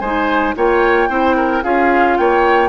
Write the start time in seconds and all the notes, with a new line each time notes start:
0.00 G#3 D#4 C5 G#5
0.56 A#3 F4 C#5 G5
1.09 C4 E4 C5
1.37 A#4
1.64 C#4 F4 G#4 F5
2.18 A#3 C#5 G5